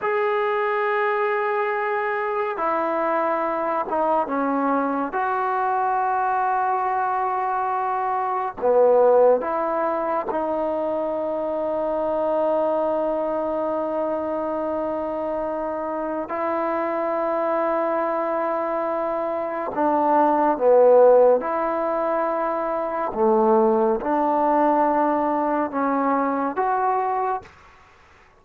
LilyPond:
\new Staff \with { instrumentName = "trombone" } { \time 4/4 \tempo 4 = 70 gis'2. e'4~ | e'8 dis'8 cis'4 fis'2~ | fis'2 b4 e'4 | dis'1~ |
dis'2. e'4~ | e'2. d'4 | b4 e'2 a4 | d'2 cis'4 fis'4 | }